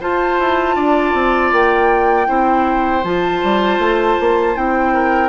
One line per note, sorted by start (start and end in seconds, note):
0.00 2.26 F4
0.00 0.39 F4
0.00 0.75 C5
0.00 1.53 A5
0.39 0.75 E4
0.75 1.13 D4
0.75 2.27 D5
1.13 1.51 C4
1.52 2.28 A#3
1.52 3.04 G5
2.26 3.03 C4
2.26 3.02 E4
2.26 4.93 C5
3.03 3.41 F3
3.03 4.54 F4
3.03 4.56 A5
3.43 3.78 G3
3.78 4.16 A3
4.20 4.56 A#3
4.54 5.29 C4
4.54 5.29 E4
4.54 5.29 G5
4.93 5.29 A#4